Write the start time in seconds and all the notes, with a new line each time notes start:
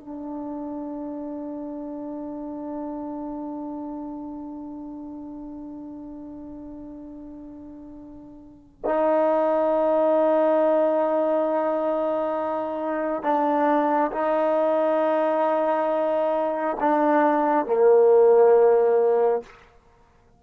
0.00 D4
8.85 D#4
13.23 D4
14.12 D#4
16.80 D4
17.66 A#3